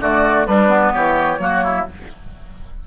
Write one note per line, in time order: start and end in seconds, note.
0.00 0.46 D3
0.00 0.47 A3
0.00 0.47 F#4
0.00 0.46 D5
0.46 0.93 G3
0.46 0.69 G3
0.46 0.92 D4
0.46 0.92 B4
0.69 1.38 B3
0.92 1.38 E3
0.92 1.39 G4
0.92 1.86 C#5
1.38 1.84 F#3
1.38 1.86 A#3
1.38 1.64 F#4
1.64 1.87 E4